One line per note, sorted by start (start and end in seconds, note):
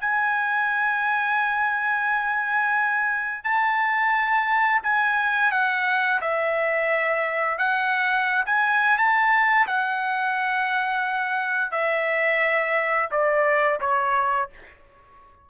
0.00 3.44 G#5
3.44 4.82 A5
4.83 5.51 G#5
5.51 6.20 F#5
6.21 7.58 E5
7.58 8.44 F#5
8.46 8.98 G#5
8.98 9.67 A5
9.67 11.71 F#5
11.71 13.09 E5
13.11 13.80 D5
13.80 14.49 C#5